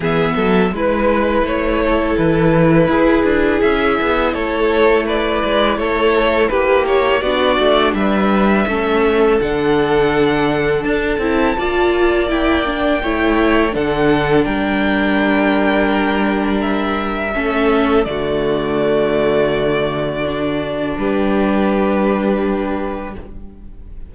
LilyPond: <<
  \new Staff \with { instrumentName = "violin" } { \time 4/4 \tempo 4 = 83 e''4 b'4 cis''4 b'4~ | b'4 e''4 cis''4 d''4 | cis''4 b'8 cis''8 d''4 e''4~ | e''4 fis''2 a''4~ |
a''4 g''2 fis''4 | g''2. e''4~ | e''4 d''2.~ | d''4 b'2. | }
  \new Staff \with { instrumentName = "violin" } { \time 4/4 gis'8 a'8 b'4. a'4. | gis'2 a'4 b'4 | a'4 g'4 fis'4 b'4 | a'1 |
d''2 cis''4 a'4 | ais'1 | a'4 fis'2.~ | fis'4 g'2. | }
  \new Staff \with { instrumentName = "viola" } { \time 4/4 b4 e'2.~ | e'1~ | e'2 d'2 | cis'4 d'2~ d'8 e'8 |
f'4 e'8 d'8 e'4 d'4~ | d'1 | cis'4 a2. | d'1 | }
  \new Staff \with { instrumentName = "cello" } { \time 4/4 e8 fis8 gis4 a4 e4 | e'8 d'8 cis'8 b8 a4. gis8 | a4 ais4 b8 a8 g4 | a4 d2 d'8 c'8 |
ais2 a4 d4 | g1 | a4 d2.~ | d4 g2. | }
>>